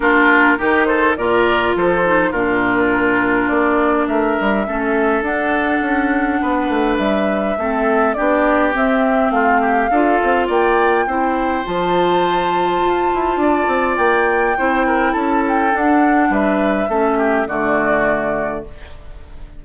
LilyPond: <<
  \new Staff \with { instrumentName = "flute" } { \time 4/4 \tempo 4 = 103 ais'4. c''8 d''4 c''4 | ais'2 d''4 e''4~ | e''4 fis''2. | e''2 d''4 e''4 |
f''2 g''2 | a''1 | g''2 a''8 g''8 fis''4 | e''2 d''2 | }
  \new Staff \with { instrumentName = "oboe" } { \time 4/4 f'4 g'8 a'8 ais'4 a'4 | f'2. ais'4 | a'2. b'4~ | b'4 a'4 g'2 |
f'8 g'8 a'4 d''4 c''4~ | c''2. d''4~ | d''4 c''8 ais'8 a'2 | b'4 a'8 g'8 fis'2 | }
  \new Staff \with { instrumentName = "clarinet" } { \time 4/4 d'4 dis'4 f'4. dis'8 | d'1 | cis'4 d'2.~ | d'4 c'4 d'4 c'4~ |
c'4 f'2 e'4 | f'1~ | f'4 e'2 d'4~ | d'4 cis'4 a2 | }
  \new Staff \with { instrumentName = "bassoon" } { \time 4/4 ais4 dis4 ais,4 f4 | ais,2 ais4 a8 g8 | a4 d'4 cis'4 b8 a8 | g4 a4 b4 c'4 |
a4 d'8 c'8 ais4 c'4 | f2 f'8 e'8 d'8 c'8 | ais4 c'4 cis'4 d'4 | g4 a4 d2 | }
>>